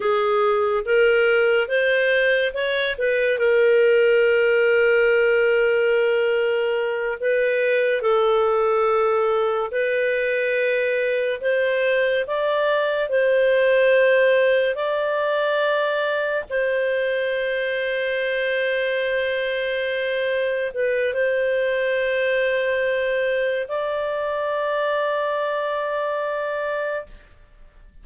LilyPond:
\new Staff \with { instrumentName = "clarinet" } { \time 4/4 \tempo 4 = 71 gis'4 ais'4 c''4 cis''8 b'8 | ais'1~ | ais'8 b'4 a'2 b'8~ | b'4. c''4 d''4 c''8~ |
c''4. d''2 c''8~ | c''1~ | c''8 b'8 c''2. | d''1 | }